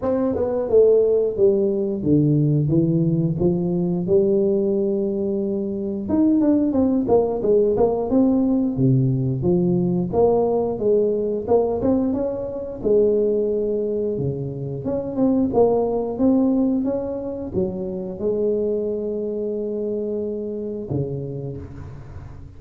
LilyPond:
\new Staff \with { instrumentName = "tuba" } { \time 4/4 \tempo 4 = 89 c'8 b8 a4 g4 d4 | e4 f4 g2~ | g4 dis'8 d'8 c'8 ais8 gis8 ais8 | c'4 c4 f4 ais4 |
gis4 ais8 c'8 cis'4 gis4~ | gis4 cis4 cis'8 c'8 ais4 | c'4 cis'4 fis4 gis4~ | gis2. cis4 | }